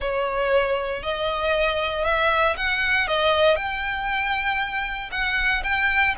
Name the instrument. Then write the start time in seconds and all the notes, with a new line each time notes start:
violin
0.00 C#5
1.03 D#5
2.04 E5
2.56 F#5
3.07 D#5
3.56 G5
5.11 F#5
5.63 G5